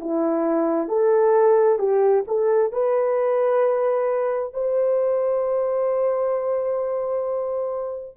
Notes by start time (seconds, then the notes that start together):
0.00 E4
0.88 A4
1.79 G4
2.27 A4
2.72 B4
4.53 C5